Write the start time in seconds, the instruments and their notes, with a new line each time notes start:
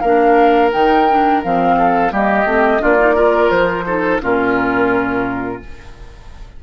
0.00 bassoon A#3, clarinet D4, oboe A#4, flute F5
0.72 bassoon D#3, clarinet D#4, flute G5
1.11 clarinet D4
1.44 bassoon F3, clarinet C4, flute F5
1.78 oboe A4
2.10 bassoon G3, clarinet A#3, oboe G4, flute D#5
2.45 bassoon A3, clarinet C4
2.80 bassoon A#3, clarinet D4, oboe F4, flute D5
2.99 clarinet D#4
3.15 clarinet F4, oboe A#4
3.51 bassoon F3, flute C5
3.86 clarinet D#4, oboe A4
4.21 bassoon A#2, clarinet C#4, oboe F4, flute A#4